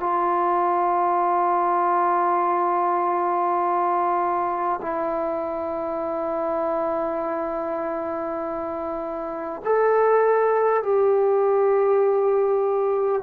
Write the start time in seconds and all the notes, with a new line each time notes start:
0.00 F4
4.82 E4
9.65 A4
10.83 G4